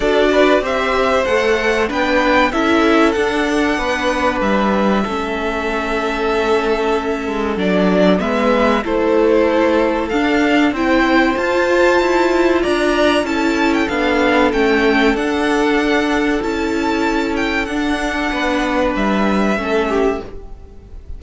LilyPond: <<
  \new Staff \with { instrumentName = "violin" } { \time 4/4 \tempo 4 = 95 d''4 e''4 fis''4 g''4 | e''4 fis''2 e''4~ | e''1 | d''4 e''4 c''2 |
f''4 g''4 a''2 | ais''4 a''8. g''16 f''4 g''4 | fis''2 a''4. g''8 | fis''2 e''2 | }
  \new Staff \with { instrumentName = "violin" } { \time 4/4 a'8 b'8 c''2 b'4 | a'2 b'2 | a'1~ | a'4 b'4 a'2~ |
a'4 c''2. | d''4 a'2.~ | a'1~ | a'4 b'2 a'8 g'8 | }
  \new Staff \with { instrumentName = "viola" } { \time 4/4 fis'4 g'4 a'4 d'4 | e'4 d'2. | cis'1 | d'4 b4 e'2 |
d'4 e'4 f'2~ | f'4 e'4 d'4 cis'4 | d'2 e'2 | d'2. cis'4 | }
  \new Staff \with { instrumentName = "cello" } { \time 4/4 d'4 c'4 a4 b4 | cis'4 d'4 b4 g4 | a2.~ a8 gis8 | fis4 gis4 a2 |
d'4 c'4 f'4 e'4 | d'4 cis'4 b4 a4 | d'2 cis'2 | d'4 b4 g4 a4 | }
>>